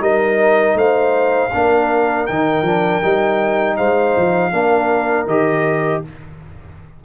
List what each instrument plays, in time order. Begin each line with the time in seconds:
0.00 tuba G3, trombone D#4, horn A#4, trumpet D#5
0.74 tuba A3, horn C5, trumpet F5
1.54 tuba A#3, trombone D4, horn A#4
2.27 tuba D#3, trombone D#4, trumpet G5
2.62 tuba F3, trombone D4
3.02 tuba G3, trombone D#4
3.77 tuba G#3, horn C5, trumpet F5
4.17 tuba F3
4.52 tuba A#3, trombone D4, horn A#4
5.26 tuba D#3, trombone G4, trumpet D#5